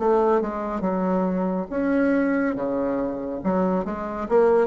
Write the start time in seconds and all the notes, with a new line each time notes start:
0.00 A3
0.42 G#3
0.81 F#3
1.71 C#4
2.56 C#3
3.44 F#3
3.85 G#3
4.29 A#3